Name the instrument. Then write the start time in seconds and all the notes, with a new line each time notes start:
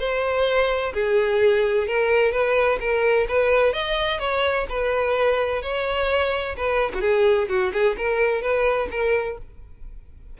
violin
0.00 C5
0.94 G#4
1.88 A#4
2.32 B4
2.81 A#4
3.29 B4
3.73 D#5
4.20 C#5
4.69 B4
5.62 C#5
6.57 B4
6.95 F#4
7.02 G#4
7.49 F#4
7.73 G#4
7.98 A#4
8.42 B4
8.92 A#4